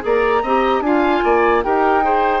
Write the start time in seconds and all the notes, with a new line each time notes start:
0.00 A#3 G#4 D5 A#5
0.42 C4 G4 D#5
0.80 D4 F4 F5 G#5
1.24 A#3 D5
1.63 D#4 G4 A#4 G5
2.03 G#4 C5